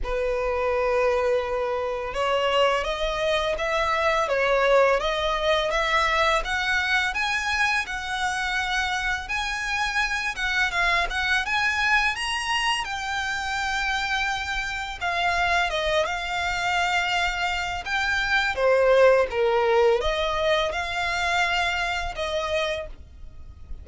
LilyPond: \new Staff \with { instrumentName = "violin" } { \time 4/4 \tempo 4 = 84 b'2. cis''4 | dis''4 e''4 cis''4 dis''4 | e''4 fis''4 gis''4 fis''4~ | fis''4 gis''4. fis''8 f''8 fis''8 |
gis''4 ais''4 g''2~ | g''4 f''4 dis''8 f''4.~ | f''4 g''4 c''4 ais'4 | dis''4 f''2 dis''4 | }